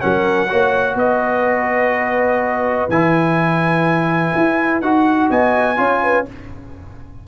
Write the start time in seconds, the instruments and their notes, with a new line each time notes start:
0.00 tuba F#3, trombone C#4, horn A#4, trumpet F#5
0.49 tuba A#3, trombone F#4, horn C#5
0.95 tuba B3, horn B4, trumpet D#5
2.89 tuba E3, trombone E4, trumpet G#5
4.35 tuba E4
4.81 tuba D#4, trombone F#4, trumpet F#5
5.29 tuba B3, horn D#5, trumpet G#5
5.76 tuba C#4, trombone F4, horn C#5
6.03 horn B4